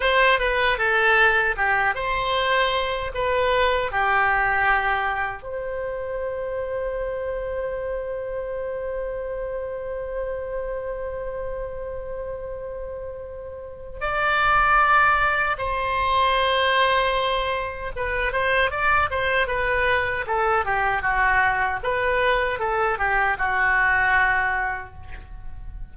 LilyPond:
\new Staff \with { instrumentName = "oboe" } { \time 4/4 \tempo 4 = 77 c''8 b'8 a'4 g'8 c''4. | b'4 g'2 c''4~ | c''1~ | c''1~ |
c''2 d''2 | c''2. b'8 c''8 | d''8 c''8 b'4 a'8 g'8 fis'4 | b'4 a'8 g'8 fis'2 | }